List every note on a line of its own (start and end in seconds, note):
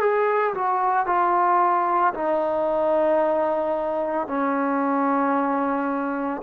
0.00 0.54 G#4
0.54 1.06 F#4
1.06 2.13 F4
2.14 4.27 D#4
4.27 6.41 C#4